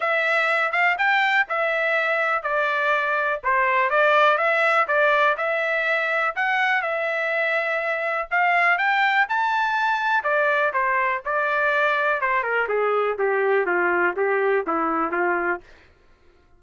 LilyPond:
\new Staff \with { instrumentName = "trumpet" } { \time 4/4 \tempo 4 = 123 e''4. f''8 g''4 e''4~ | e''4 d''2 c''4 | d''4 e''4 d''4 e''4~ | e''4 fis''4 e''2~ |
e''4 f''4 g''4 a''4~ | a''4 d''4 c''4 d''4~ | d''4 c''8 ais'8 gis'4 g'4 | f'4 g'4 e'4 f'4 | }